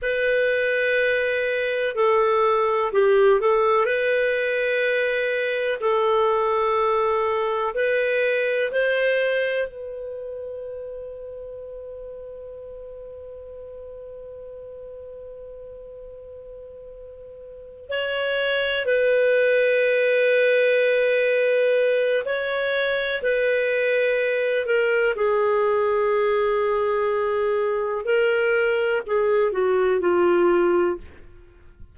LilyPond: \new Staff \with { instrumentName = "clarinet" } { \time 4/4 \tempo 4 = 62 b'2 a'4 g'8 a'8 | b'2 a'2 | b'4 c''4 b'2~ | b'1~ |
b'2~ b'8 cis''4 b'8~ | b'2. cis''4 | b'4. ais'8 gis'2~ | gis'4 ais'4 gis'8 fis'8 f'4 | }